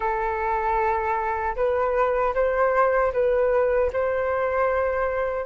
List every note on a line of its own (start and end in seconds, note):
0.00 1.55 A4
1.55 2.33 B4
2.34 3.12 C5
3.12 3.90 B4
3.92 5.45 C5